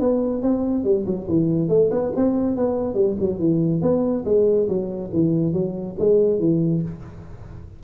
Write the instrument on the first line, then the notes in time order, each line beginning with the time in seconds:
tuba
0.00 B3
0.43 C4
0.85 G3
1.06 F#3
1.28 E3
1.69 A3
1.91 B3
2.16 C4
2.56 B3
2.95 G3
3.20 F#3
3.39 E3
3.82 B3
4.26 G#3
4.68 F#3
5.13 E3
5.54 F#3
5.99 G#3
6.40 E3